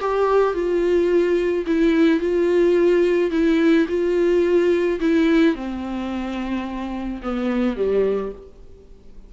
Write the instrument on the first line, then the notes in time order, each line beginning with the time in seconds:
viola
0.00 G4
0.54 F4
1.66 E4
2.20 F4
3.31 E4
3.89 F4
5.00 E4
5.55 C4
7.22 B3
7.77 G3